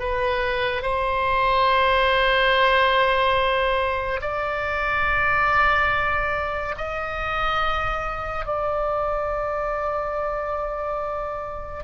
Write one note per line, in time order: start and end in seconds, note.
0.00 0.83 B4
0.83 4.21 C5
4.22 6.75 D5
6.78 8.47 D#5
8.47 11.85 D5